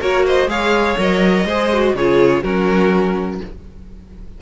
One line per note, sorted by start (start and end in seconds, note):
0.00 0.47 A#3
0.00 0.48 F#4
0.00 0.25 A#4
0.00 0.25 C#5
0.26 0.50 C5
0.26 0.49 D#5
0.47 0.95 G#3
0.47 0.97 G#4
0.47 1.46 C#5
0.47 0.97 F5
0.97 1.45 F#3
0.97 1.46 A#4
0.97 1.96 D#5
1.45 1.93 G#3
1.45 1.73 G#4
1.45 1.95 C5
1.73 1.97 F#4
1.93 2.42 C#3
1.93 2.43 F4
1.93 2.43 G#4
1.93 2.43 C#5
2.43 3.40 F#3
2.43 3.41 C#4
2.43 3.40 F#4
2.43 3.40 A#4